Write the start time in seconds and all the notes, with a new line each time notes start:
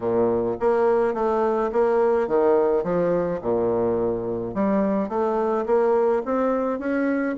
0.00 A#2
0.60 A#3
1.13 A3
1.72 A#3
2.27 D#3
2.83 F3
3.41 A#2
4.54 G3
5.08 A3
5.66 A#3
6.25 C4
6.79 C#4